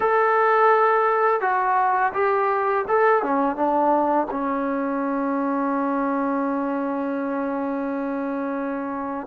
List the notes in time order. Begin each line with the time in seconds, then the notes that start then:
0.00 A4
1.41 F#4
2.13 G4
2.88 A4
3.22 C#4
3.56 D4
4.31 C#4